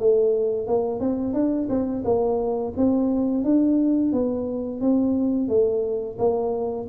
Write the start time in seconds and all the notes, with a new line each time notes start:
0.00 A3
0.68 A#3
1.01 C4
1.34 D4
1.70 C4
2.05 A#3
2.77 C4
3.44 D4
4.13 B3
4.81 C4
5.49 A3
6.19 A#3